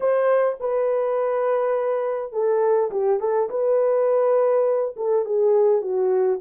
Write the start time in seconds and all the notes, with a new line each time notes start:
0.00 C5
0.60 B4
2.32 A4
2.90 G4
3.20 A4
3.49 B4
4.96 A4
5.25 G#4
5.81 F#4